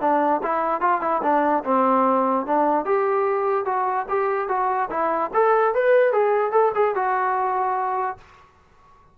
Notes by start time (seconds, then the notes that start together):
0.00 D4
0.42 E4
0.81 F4
1.01 E4
1.22 D4
1.64 C4
2.45 D4
2.85 G4
3.65 F#4
4.08 G4
4.48 F#4
4.89 E4
5.33 A4
5.74 B4
6.12 G#4
6.51 A4
6.75 G#4
6.95 F#4